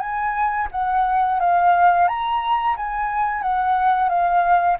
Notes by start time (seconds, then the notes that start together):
0.00 G#5
0.72 F#5
1.40 F5
2.08 A#5
2.77 G#5
3.42 F#5
4.09 F5